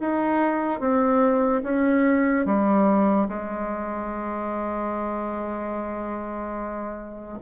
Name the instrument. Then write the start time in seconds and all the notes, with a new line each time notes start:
bassoon
0.00 D#4
0.80 C4
1.63 C#4
2.46 G3
3.28 G#3